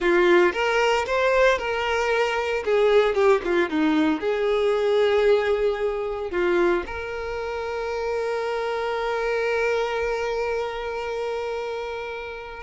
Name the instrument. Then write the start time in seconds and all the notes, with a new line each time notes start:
violin
0.00 F4
0.53 A#4
1.06 C5
1.58 A#4
2.65 G#4
3.14 G4
3.44 F4
3.69 D#4
4.20 G#4
6.31 F4
6.86 A#4